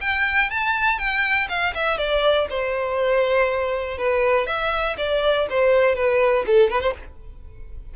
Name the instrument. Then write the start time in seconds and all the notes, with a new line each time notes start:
violin
0.00 G5
0.50 A5
0.98 G5
1.49 F5
1.74 E5
1.97 D5
2.49 C5
3.98 B4
4.46 E5
4.97 D5
5.49 C5
5.95 B4
6.46 A4
6.70 B4
6.81 C5